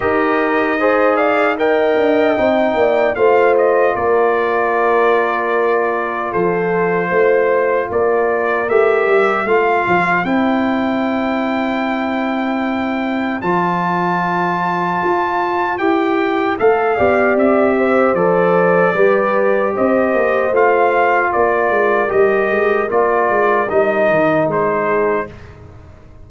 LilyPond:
<<
  \new Staff \with { instrumentName = "trumpet" } { \time 4/4 \tempo 4 = 76 dis''4. f''8 g''2 | f''8 dis''8 d''2. | c''2 d''4 e''4 | f''4 g''2.~ |
g''4 a''2. | g''4 f''4 e''4 d''4~ | d''4 dis''4 f''4 d''4 | dis''4 d''4 dis''4 c''4 | }
  \new Staff \with { instrumentName = "horn" } { \time 4/4 ais'4 c''8 d''8 dis''4. d''8 | c''4 ais'2. | a'4 c''4 ais'2 | c''1~ |
c''1~ | c''4. d''4 c''4. | b'4 c''2 ais'4~ | ais'2.~ ais'8 gis'8 | }
  \new Staff \with { instrumentName = "trombone" } { \time 4/4 g'4 gis'4 ais'4 dis'4 | f'1~ | f'2. g'4 | f'4 e'2.~ |
e'4 f'2. | g'4 a'8 g'4. a'4 | g'2 f'2 | g'4 f'4 dis'2 | }
  \new Staff \with { instrumentName = "tuba" } { \time 4/4 dis'2~ dis'8 d'8 c'8 ais8 | a4 ais2. | f4 a4 ais4 a8 g8 | a8 f8 c'2.~ |
c'4 f2 f'4 | e'4 a8 b8 c'4 f4 | g4 c'8 ais8 a4 ais8 gis8 | g8 gis8 ais8 gis8 g8 dis8 gis4 | }
>>